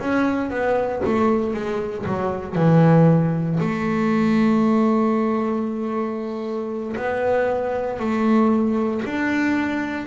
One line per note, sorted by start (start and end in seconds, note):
0.00 0.51 C#4
0.51 1.03 B3
1.05 1.54 A3
1.54 2.06 G#3
2.06 2.56 F#3
2.56 3.59 E3
3.60 6.96 A3
6.97 8.00 B3
8.00 9.03 A3
9.06 10.07 D4